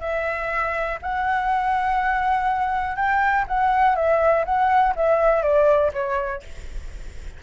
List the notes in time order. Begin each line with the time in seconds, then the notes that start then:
0.00 E5
1.01 F#5
2.96 G5
3.47 F#5
3.95 E5
4.45 F#5
4.95 E5
5.42 D5
5.93 C#5